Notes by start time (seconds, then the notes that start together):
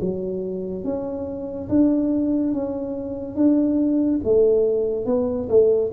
0.00 F#3
0.84 C#4
1.69 D4
2.53 C#4
3.35 D4
4.24 A3
5.06 B3
5.49 A3